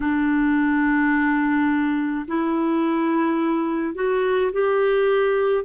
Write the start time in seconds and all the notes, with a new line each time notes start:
0.00 D4
2.27 E4
3.95 F#4
4.52 G4